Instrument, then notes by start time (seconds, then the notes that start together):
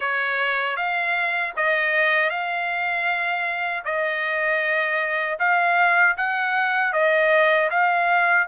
trumpet
0.00 C#5
0.76 F5
1.56 D#5
2.29 F5
3.84 D#5
5.39 F5
6.17 F#5
6.92 D#5
7.70 F5